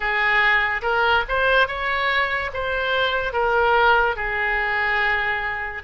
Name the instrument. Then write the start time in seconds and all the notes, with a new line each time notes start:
oboe
0.00 G#4
0.82 A#4
1.28 C5
1.67 C#5
2.53 C5
3.32 A#4
4.16 G#4